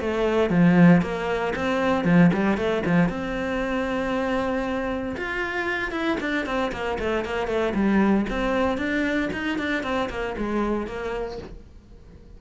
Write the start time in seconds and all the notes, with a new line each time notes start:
0.00 A3
0.50 F3
1.01 A#3
1.55 C4
2.04 F3
2.33 G3
2.57 A3
2.85 F3
3.08 C4
5.17 F4
5.92 E4
6.20 D4
6.46 C4
6.72 A#3
6.99 A3
7.24 A#3
7.47 A3
7.74 G3
8.29 C4
8.77 D4
9.33 D#4
9.58 D4
9.83 C4
10.09 A#3
10.37 G#3
10.86 A#3